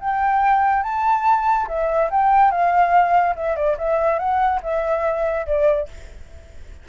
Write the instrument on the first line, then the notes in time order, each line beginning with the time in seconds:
flute
0.00 G5
0.83 A5
1.67 E5
2.10 G5
2.51 F5
3.35 E5
3.56 D5
3.78 E5
4.18 F#5
4.62 E5
5.46 D5